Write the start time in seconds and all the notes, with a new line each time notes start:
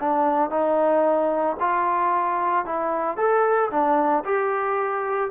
0.00 D4
0.50 D#4
1.60 F4
2.65 E4
3.17 A4
3.71 D4
4.25 G4